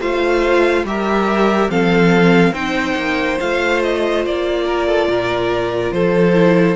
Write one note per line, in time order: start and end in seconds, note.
0.00 0.84 A3
0.00 0.86 F4
0.00 0.85 C5
0.00 0.86 F5
0.84 1.69 G3
0.84 1.69 G4
0.84 1.71 A#4
0.84 1.70 E5
1.69 2.52 F3
1.69 2.54 C4
1.69 2.53 A4
1.69 2.54 F5
2.52 2.94 C4
2.52 3.39 D#4
2.52 4.64 C5
2.52 3.39 G5
2.96 3.38 A#3
3.40 4.26 A3
3.40 6.34 F4
3.40 3.83 F5
3.83 4.25 D#5
4.26 5.08 A#3
4.26 5.93 D5
4.66 4.87 A#4
4.87 5.09 A4
5.08 5.91 A#2
5.08 5.94 A#4
5.91 6.76 F3
5.91 6.76 A4
5.91 6.76 C5
6.34 6.76 E4